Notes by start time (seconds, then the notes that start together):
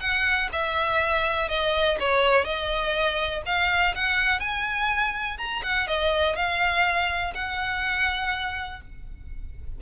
0.00 F#5
0.52 E5
1.49 D#5
2.00 C#5
2.45 D#5
3.46 F5
3.95 F#5
4.40 G#5
5.38 A#5
5.63 F#5
5.87 D#5
6.36 F5
7.34 F#5